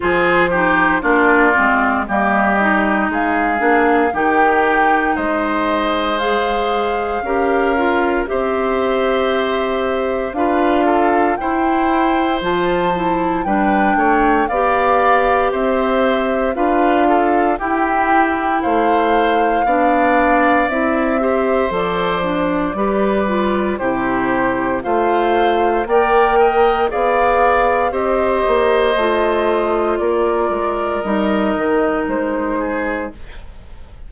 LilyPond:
<<
  \new Staff \with { instrumentName = "flute" } { \time 4/4 \tempo 4 = 58 c''4 d''4 dis''4 f''4 | g''4 dis''4 f''2 | e''2 f''4 g''4 | a''4 g''4 f''4 e''4 |
f''4 g''4 f''2 | e''4 d''2 c''4 | f''4 g''4 f''4 dis''4~ | dis''4 d''4 dis''4 c''4 | }
  \new Staff \with { instrumentName = "oboe" } { \time 4/4 gis'8 g'8 f'4 g'4 gis'4 | g'4 c''2 ais'4 | c''2 b'8 a'8 c''4~ | c''4 b'8 cis''8 d''4 c''4 |
b'8 a'8 g'4 c''4 d''4~ | d''8 c''4. b'4 g'4 | c''4 d''8 dis''8 d''4 c''4~ | c''4 ais'2~ ais'8 gis'8 | }
  \new Staff \with { instrumentName = "clarinet" } { \time 4/4 f'8 dis'8 d'8 c'8 ais8 dis'4 d'8 | dis'2 gis'4 g'8 f'8 | g'2 f'4 e'4 | f'8 e'8 d'4 g'2 |
f'4 e'2 d'4 | e'8 g'8 a'8 d'8 g'8 f'8 e'4 | f'4 ais'4 gis'4 g'4 | f'2 dis'2 | }
  \new Staff \with { instrumentName = "bassoon" } { \time 4/4 f4 ais8 gis8 g4 gis8 ais8 | dis4 gis2 cis'4 | c'2 d'4 e'4 | f4 g8 a8 b4 c'4 |
d'4 e'4 a4 b4 | c'4 f4 g4 c4 | a4 ais4 b4 c'8 ais8 | a4 ais8 gis8 g8 dis8 gis4 | }
>>